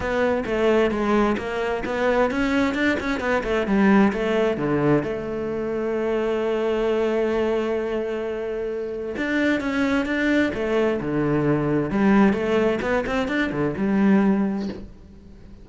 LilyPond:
\new Staff \with { instrumentName = "cello" } { \time 4/4 \tempo 4 = 131 b4 a4 gis4 ais4 | b4 cis'4 d'8 cis'8 b8 a8 | g4 a4 d4 a4~ | a1~ |
a1 | d'4 cis'4 d'4 a4 | d2 g4 a4 | b8 c'8 d'8 d8 g2 | }